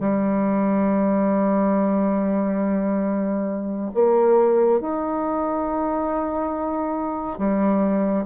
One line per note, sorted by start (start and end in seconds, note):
0.00 3.91 G3
3.94 4.81 A#3
4.81 7.38 D#4
7.38 8.25 G3